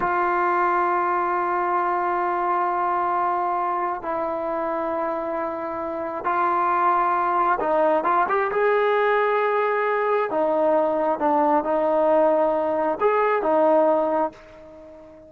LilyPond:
\new Staff \with { instrumentName = "trombone" } { \time 4/4 \tempo 4 = 134 f'1~ | f'1~ | f'4 e'2.~ | e'2 f'2~ |
f'4 dis'4 f'8 g'8 gis'4~ | gis'2. dis'4~ | dis'4 d'4 dis'2~ | dis'4 gis'4 dis'2 | }